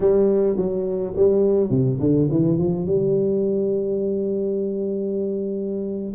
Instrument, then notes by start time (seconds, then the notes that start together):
tuba
0.00 G3
0.56 F#3
1.16 G3
1.70 C3
2.00 D3
2.30 E3
2.58 F3
2.85 G3